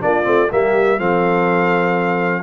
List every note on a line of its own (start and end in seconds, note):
0.00 0.26 A#3
0.00 0.23 D4
0.00 0.50 F4
0.00 0.50 D5
0.23 0.51 A3
0.23 0.47 C4
0.50 0.99 G3
0.50 0.99 A#3
0.50 0.98 G4
0.50 0.99 E5
0.98 2.42 F3
0.98 2.42 C4
0.98 2.42 A4
0.98 2.42 F5